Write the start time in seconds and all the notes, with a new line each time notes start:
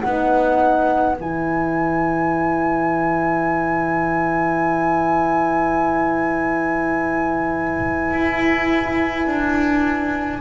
0.00 B3 D#4 B4 F#5
1.19 E3 E4 G#5
8.12 E4
9.27 D4